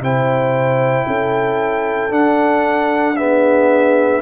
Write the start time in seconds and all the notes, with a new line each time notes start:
0.00 C3 E4 C5 G5
1.07 C#4 A4
2.11 D4 F#5
3.17 B3 G#4 E5